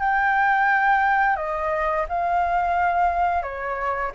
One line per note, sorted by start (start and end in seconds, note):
0.00 1.36 G5
1.36 2.05 D#5
2.09 3.43 F5
3.43 4.12 C#5